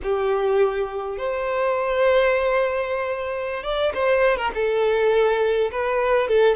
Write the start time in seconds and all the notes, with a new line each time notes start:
0.02 G4
1.17 C5
3.63 D5
3.94 C5
4.36 A#4
4.54 A4
5.71 B4
6.28 A4